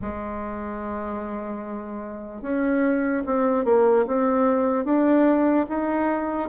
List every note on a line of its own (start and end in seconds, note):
0.01 2.41 G#3
2.41 3.22 C#4
3.25 3.64 C4
3.64 4.05 A#3
4.07 4.84 C4
4.84 5.65 D4
5.68 6.49 D#4